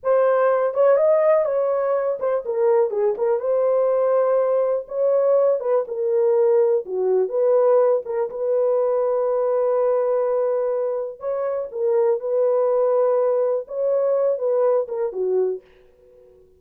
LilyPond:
\new Staff \with { instrumentName = "horn" } { \time 4/4 \tempo 4 = 123 c''4. cis''8 dis''4 cis''4~ | cis''8 c''8 ais'4 gis'8 ais'8 c''4~ | c''2 cis''4. b'8 | ais'2 fis'4 b'4~ |
b'8 ais'8 b'2.~ | b'2. cis''4 | ais'4 b'2. | cis''4. b'4 ais'8 fis'4 | }